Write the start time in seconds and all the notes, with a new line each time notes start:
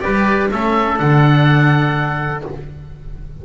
0.00 G3 G4 B4 D5
0.51 A3 C#4 A4 E5
0.96 D3 D4 F#5